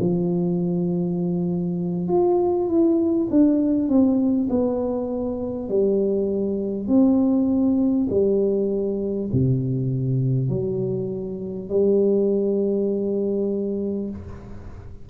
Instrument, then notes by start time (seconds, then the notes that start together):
tuba
0.00 F3
2.08 F4
2.68 E4
3.31 D4
3.89 C4
4.50 B3
5.69 G3
6.88 C4
8.11 G3
9.33 C3
10.49 F#3
11.70 G3